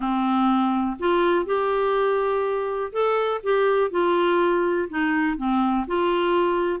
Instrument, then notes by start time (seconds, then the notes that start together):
clarinet
0.00 C4
0.99 F4
1.45 G4
2.92 A4
3.43 G4
3.90 F4
4.89 D#4
5.37 C4
5.87 F4